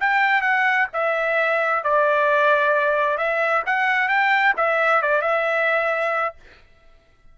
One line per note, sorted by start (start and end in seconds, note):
0.00 0.42 G5
0.42 0.87 F#5
0.93 1.84 E5
1.84 3.18 D5
3.18 3.63 E5
3.66 4.08 F#5
4.08 4.54 G5
4.57 5.02 E5
5.02 5.22 D5
5.22 6.35 E5